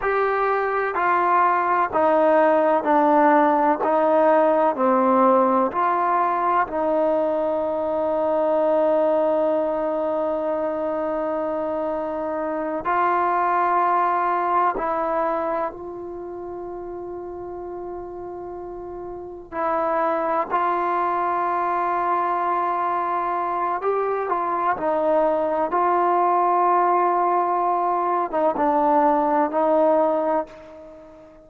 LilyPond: \new Staff \with { instrumentName = "trombone" } { \time 4/4 \tempo 4 = 63 g'4 f'4 dis'4 d'4 | dis'4 c'4 f'4 dis'4~ | dis'1~ | dis'4. f'2 e'8~ |
e'8 f'2.~ f'8~ | f'8 e'4 f'2~ f'8~ | f'4 g'8 f'8 dis'4 f'4~ | f'4.~ f'16 dis'16 d'4 dis'4 | }